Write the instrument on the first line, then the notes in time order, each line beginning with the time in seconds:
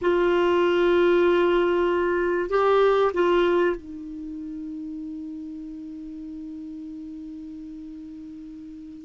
clarinet
0.01 F4
2.49 G4
3.13 F4
3.76 D#4